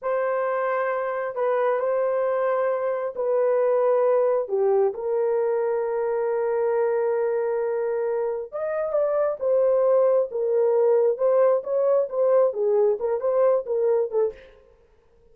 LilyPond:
\new Staff \with { instrumentName = "horn" } { \time 4/4 \tempo 4 = 134 c''2. b'4 | c''2. b'4~ | b'2 g'4 ais'4~ | ais'1~ |
ais'2. dis''4 | d''4 c''2 ais'4~ | ais'4 c''4 cis''4 c''4 | gis'4 ais'8 c''4 ais'4 a'8 | }